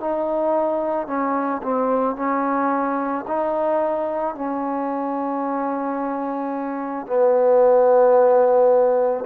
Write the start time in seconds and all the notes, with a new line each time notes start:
0.00 D#4
1.07 C#4
1.62 C4
2.16 C#4
3.27 D#4
4.35 C#4
7.06 B3